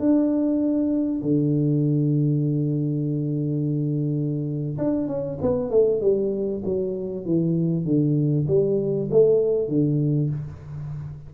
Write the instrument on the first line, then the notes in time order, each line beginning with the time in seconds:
tuba
0.00 D4
1.22 D3
4.79 D4
5.08 C#4
5.42 B3
5.71 A3
6.01 G3
6.65 F#3
7.25 E3
7.85 D3
8.48 G3
9.11 A3
9.69 D3